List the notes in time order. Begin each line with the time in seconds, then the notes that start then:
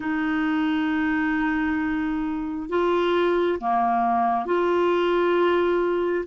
0.00 D#4
2.69 F4
3.59 A#3
4.45 F4